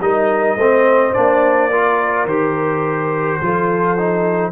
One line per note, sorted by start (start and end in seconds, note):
0.00 0.55 G3
0.00 0.58 D#4
0.00 0.57 A#4
0.00 1.13 D#5
0.55 1.12 A3
0.55 1.14 C4
0.55 1.71 C5
1.13 2.24 A#3
1.13 1.71 D4
1.13 2.26 D5
1.71 2.28 F4
1.71 3.40 A#4
2.24 3.37 D#3
2.24 3.41 G4
2.24 4.52 C5
3.42 4.52 F3
3.42 3.97 F4
3.42 4.52 A4
3.97 4.52 D#4